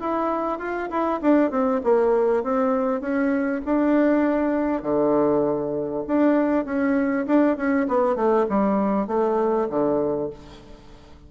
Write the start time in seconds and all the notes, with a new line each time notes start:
0.00 E4
0.59 F4
0.90 E4
1.21 D4
1.51 C4
1.83 A#3
2.43 C4
3.01 C#4
3.65 D4
4.82 D3
6.07 D4
6.65 C#4
7.26 D4
7.57 C#4
7.88 B3
8.16 A3
8.49 G3
9.07 A3
9.69 D3